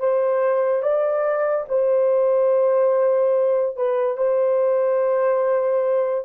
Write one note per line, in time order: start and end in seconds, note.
0.00 0.83 C5
0.83 1.66 D5
1.69 3.77 C5
3.77 4.18 B4
4.18 6.25 C5